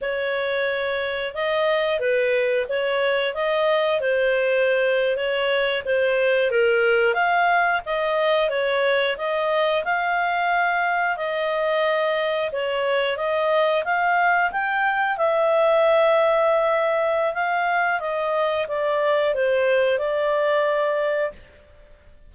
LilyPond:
\new Staff \with { instrumentName = "clarinet" } { \time 4/4 \tempo 4 = 90 cis''2 dis''4 b'4 | cis''4 dis''4 c''4.~ c''16 cis''16~ | cis''8. c''4 ais'4 f''4 dis''16~ | dis''8. cis''4 dis''4 f''4~ f''16~ |
f''8. dis''2 cis''4 dis''16~ | dis''8. f''4 g''4 e''4~ e''16~ | e''2 f''4 dis''4 | d''4 c''4 d''2 | }